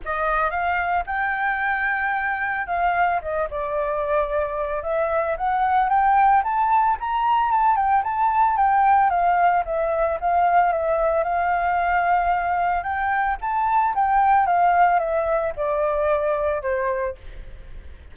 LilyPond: \new Staff \with { instrumentName = "flute" } { \time 4/4 \tempo 4 = 112 dis''4 f''4 g''2~ | g''4 f''4 dis''8 d''4.~ | d''4 e''4 fis''4 g''4 | a''4 ais''4 a''8 g''8 a''4 |
g''4 f''4 e''4 f''4 | e''4 f''2. | g''4 a''4 g''4 f''4 | e''4 d''2 c''4 | }